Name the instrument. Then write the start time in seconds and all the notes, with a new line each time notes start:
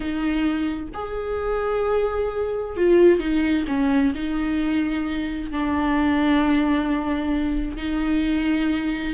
viola
0.00 D#4
0.94 G#4
2.76 F4
3.19 D#4
3.67 C#4
4.15 D#4
5.51 D4
7.76 D#4